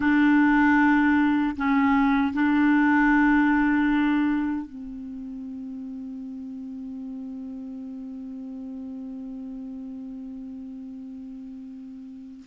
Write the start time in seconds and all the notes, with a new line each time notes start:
0.00 D4
1.56 C#4
2.33 D4
4.65 C4